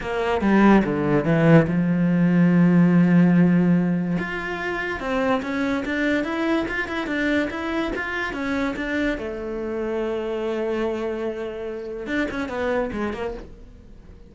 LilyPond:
\new Staff \with { instrumentName = "cello" } { \time 4/4 \tempo 4 = 144 ais4 g4 d4 e4 | f1~ | f2 f'2 | c'4 cis'4 d'4 e'4 |
f'8 e'8 d'4 e'4 f'4 | cis'4 d'4 a2~ | a1~ | a4 d'8 cis'8 b4 gis8 ais8 | }